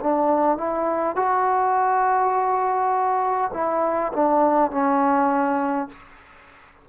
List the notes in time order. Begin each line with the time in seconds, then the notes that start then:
0.00 D4
0.58 E4
1.16 F#4
3.53 E4
4.13 D4
4.71 C#4